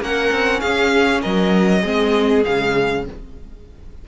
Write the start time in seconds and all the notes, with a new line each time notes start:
0.00 A#3 C#4 A#4 F#5
0.31 C4
0.60 C#4 G#4 F5
1.21 F#3 A#4 D#5
1.80 G#3 C4 G#4
2.44 C#3 G#3 F5